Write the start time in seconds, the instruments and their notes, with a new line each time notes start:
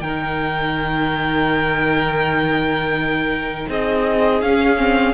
0.00 cello D#3, viola D#4, violin A#4 G5
3.69 cello C4, violin G#4 D#5
4.41 cello C#4, viola C#4, violin F5
4.77 viola C4